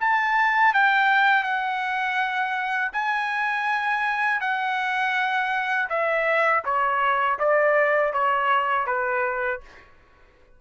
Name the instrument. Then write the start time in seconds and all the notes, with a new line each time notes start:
trumpet
0.00 A5
0.73 G5
1.43 F#5
2.92 G#5
4.40 F#5
5.89 E5
6.64 C#5
7.39 D5
8.13 C#5
8.86 B4